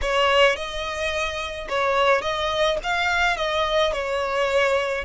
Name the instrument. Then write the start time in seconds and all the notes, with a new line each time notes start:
violin
0.01 C#5
0.56 D#5
1.68 C#5
2.21 D#5
2.83 F5
3.36 D#5
3.92 C#5